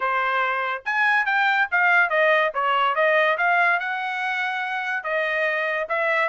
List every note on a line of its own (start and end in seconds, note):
0.00 0.82 C5
0.85 1.25 G#5
1.25 1.67 G5
1.71 2.09 F5
2.09 2.51 D#5
2.54 2.95 C#5
2.95 3.37 D#5
3.37 3.79 F5
3.79 5.03 F#5
5.03 5.87 D#5
5.89 6.28 E5